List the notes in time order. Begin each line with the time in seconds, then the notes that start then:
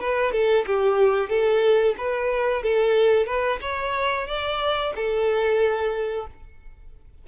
0.00 B4
0.32 A4
0.67 G4
1.29 A4
1.98 B4
2.63 A4
3.26 B4
3.61 C#5
4.27 D5
4.96 A4